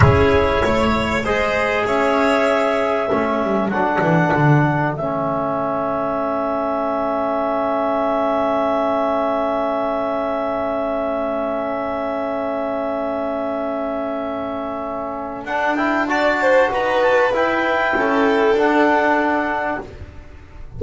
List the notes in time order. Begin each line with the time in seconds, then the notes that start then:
0.00 C#4 E4 G#4 C#5
0.62 A3 C#5
1.24 G#3 G#4 C5 D#5
1.85 C#4 C#5 E5
3.09 A3 C#4 A4
3.43 G3
3.68 F#3 D4 F#5
4.01 E3
4.33 D3
4.94 A3 C#4 E5
15.44 D4 F#5
15.75 E4 G5
16.07 F#4 D5 A5
16.40 C5
16.71 D#4 B4 A#5
17.01 A5
17.32 E4 G5
17.94 C#4 A4
18.53 D4 F#5